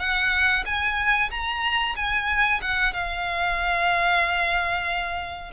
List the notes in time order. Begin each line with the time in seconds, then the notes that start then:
0.00 F#5
0.66 G#5
1.31 A#5
1.96 G#5
2.62 F#5
2.94 F5